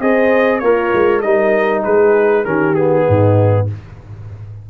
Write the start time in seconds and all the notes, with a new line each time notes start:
0.00 C4 G#4 C5 D#5
0.59 A#3 F4 A#4 C#5
0.93 G#3
1.21 G3 D#4 A#4 D#5
1.83 G#3 G#4 B4
2.44 D#3 C#4 G4 A#4
2.75 B3 G#4
3.04 G#2 D#4